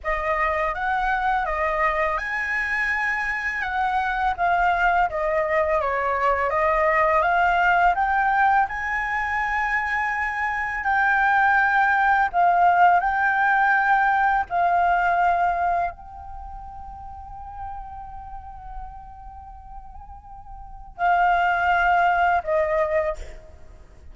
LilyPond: \new Staff \with { instrumentName = "flute" } { \time 4/4 \tempo 4 = 83 dis''4 fis''4 dis''4 gis''4~ | gis''4 fis''4 f''4 dis''4 | cis''4 dis''4 f''4 g''4 | gis''2. g''4~ |
g''4 f''4 g''2 | f''2 g''2~ | g''1~ | g''4 f''2 dis''4 | }